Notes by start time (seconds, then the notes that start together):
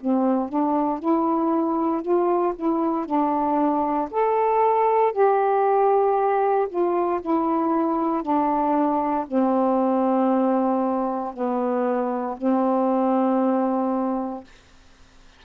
0.00 C4
0.48 D4
0.99 E4
2.02 F4
2.55 E4
3.06 D4
4.11 A4
5.12 G4
6.69 F4
7.21 E4
8.22 D4
9.27 C4
11.33 B3
12.37 C4